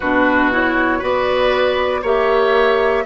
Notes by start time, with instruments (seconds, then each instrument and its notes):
0.00 bassoon B2, clarinet D4, oboe F#4, flute B4
0.52 clarinet E4, flute C#5
0.99 bassoon B3, clarinet F#4, oboe B4, flute D5
2.01 bassoon A#3, clarinet G4, oboe C#5, flute E5